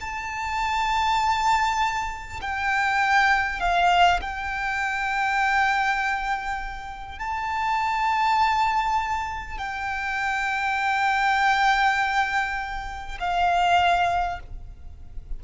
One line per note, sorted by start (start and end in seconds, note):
0.00 2.40 A5
2.41 3.59 G5
3.59 4.19 F5
4.21 7.18 G5
7.18 9.57 A5
9.57 13.17 G5
13.19 14.39 F5